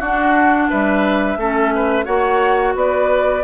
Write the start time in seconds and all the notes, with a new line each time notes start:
0.00 D4 F#4 F#5
0.70 G3 B4 E5
1.37 A3 C#4 A4
1.75 B4
2.05 A#3 F#4 C#5 F#5
2.75 B3 B4 D5